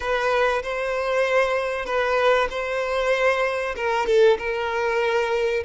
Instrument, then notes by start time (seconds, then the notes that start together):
violin
0.00 B4
0.62 C5
1.85 B4
2.50 C5
3.76 A#4
4.06 A4
4.38 A#4